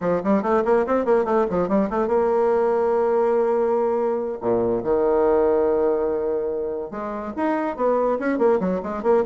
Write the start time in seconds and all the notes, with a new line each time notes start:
0.00 F3
0.23 G3
0.42 A3
0.64 A#3
0.86 C4
1.05 A#3
1.25 A3
1.50 F3
1.68 G3
1.90 A3
2.07 A#3
4.41 A#2
4.83 D#3
6.90 G#3
7.36 D#4
7.76 B3
8.19 C#4
8.38 A#3
8.59 F#3
8.82 G#3
9.02 A#3